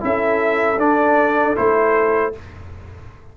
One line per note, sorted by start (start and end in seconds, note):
0.00 0.77 C#4
0.00 0.77 E4
0.00 2.37 A4
0.00 0.79 E5
0.77 1.54 D4
0.77 1.55 D4
0.77 1.56 D5
1.55 2.35 A3
1.55 2.32 E4
1.55 2.33 C5